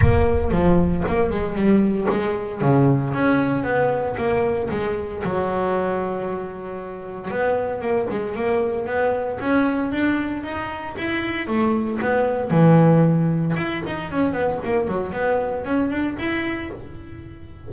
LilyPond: \new Staff \with { instrumentName = "double bass" } { \time 4/4 \tempo 4 = 115 ais4 f4 ais8 gis8 g4 | gis4 cis4 cis'4 b4 | ais4 gis4 fis2~ | fis2 b4 ais8 gis8 |
ais4 b4 cis'4 d'4 | dis'4 e'4 a4 b4 | e2 e'8 dis'8 cis'8 b8 | ais8 fis8 b4 cis'8 d'8 e'4 | }